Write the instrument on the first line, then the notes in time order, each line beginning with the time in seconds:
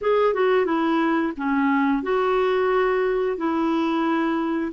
clarinet
0.01 G#4
0.33 F#4
0.65 E4
1.36 C#4
2.03 F#4
3.37 E4